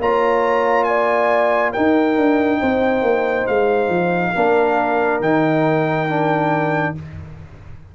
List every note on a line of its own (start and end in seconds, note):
0.00 1.74 A#3
0.00 1.76 F4
0.00 0.88 C#5
0.00 0.84 A#5
0.84 1.72 D5
0.84 1.71 G#5
1.72 4.36 D#4
1.72 2.18 D#4
1.72 2.59 A#4
1.72 3.47 G5
2.18 2.61 D4
2.60 3.03 C4
2.60 4.34 C5
3.03 3.46 A#3
3.47 3.89 G#3
3.47 5.21 F5
3.89 4.33 F3
4.34 5.21 A#3
4.34 5.22 D4
4.34 6.95 A#4
5.21 6.95 D#3
5.21 6.09 D#4
5.21 6.96 G5
6.09 6.96 D4